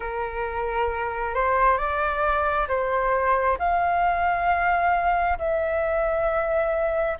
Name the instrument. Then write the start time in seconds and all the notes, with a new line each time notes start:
flute
0.00 A#4
1.34 C5
1.77 D5
2.68 C5
3.58 F5
5.38 E5